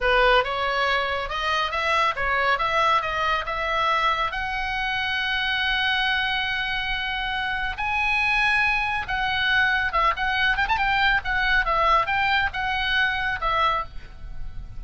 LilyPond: \new Staff \with { instrumentName = "oboe" } { \time 4/4 \tempo 4 = 139 b'4 cis''2 dis''4 | e''4 cis''4 e''4 dis''4 | e''2 fis''2~ | fis''1~ |
fis''2 gis''2~ | gis''4 fis''2 e''8 fis''8~ | fis''8 g''16 a''16 g''4 fis''4 e''4 | g''4 fis''2 e''4 | }